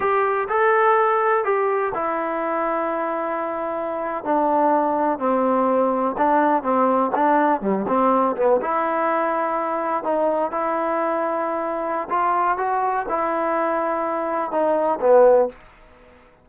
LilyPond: \new Staff \with { instrumentName = "trombone" } { \time 4/4 \tempo 4 = 124 g'4 a'2 g'4 | e'1~ | e'8. d'2 c'4~ c'16~ | c'8. d'4 c'4 d'4 g16~ |
g16 c'4 b8 e'2~ e'16~ | e'8. dis'4 e'2~ e'16~ | e'4 f'4 fis'4 e'4~ | e'2 dis'4 b4 | }